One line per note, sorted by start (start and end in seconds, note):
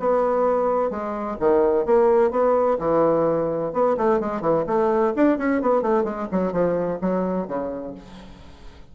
0.00 0.91 B3
0.91 1.38 G#3
1.40 1.86 D#3
1.86 2.31 A#3
2.31 2.78 B3
2.79 3.73 E3
3.73 3.97 B3
3.98 4.20 A3
4.20 4.41 G#3
4.41 4.65 E3
4.67 5.14 A3
5.16 5.38 D4
5.38 5.62 C#4
5.62 5.82 B3
5.82 6.04 A3
6.04 6.28 G#3
6.32 6.53 F#3
6.53 7.00 F3
7.01 7.48 F#3
7.48 7.95 C#3